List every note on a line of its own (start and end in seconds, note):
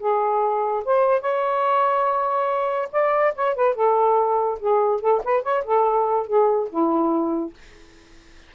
0.00 0.84 G#4
0.85 1.21 C5
1.21 2.89 C#5
2.92 3.34 D5
3.35 3.56 C#5
3.56 3.75 B4
3.75 4.59 A4
4.60 5.01 G#4
5.01 5.22 A4
5.24 5.43 B4
5.43 5.64 C#5
5.65 6.27 A4
6.27 6.69 G#4
6.70 7.54 E4